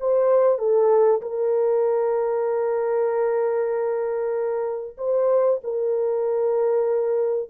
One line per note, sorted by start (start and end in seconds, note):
0.00 0.59 C5
0.59 1.21 A4
1.22 4.97 A#4
4.98 5.60 C5
5.64 7.50 A#4